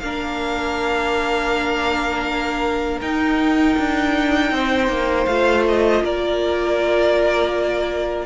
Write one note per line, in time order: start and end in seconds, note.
0.00 3.01 A#3
0.00 3.03 D4
0.00 4.54 A#4
0.00 3.00 F5
3.02 3.77 D#4
3.02 5.28 D#4
3.02 5.26 G5
3.79 4.52 D4
4.52 4.89 C4
4.52 6.04 C5
4.89 5.26 A#3
5.26 6.02 A3
5.26 8.26 F4
5.26 5.64 F5
5.68 6.05 D#5
6.02 8.26 A#3
6.02 8.26 A#4
6.02 8.26 D5